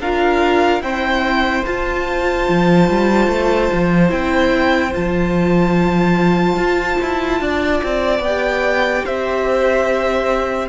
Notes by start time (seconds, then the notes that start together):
0.00 D4 F4 A#4 F5
0.80 C4 E4 C5 G5
1.65 F4 A5
2.48 F3
2.89 G3
3.27 A3
3.72 F3
4.08 C4 E4 G5
4.92 F3 F4 A5
6.56 F4
7.01 E4
7.40 D4 D5
7.83 C4
8.19 B3 G5
8.26 G4
9.05 C4 C5 E5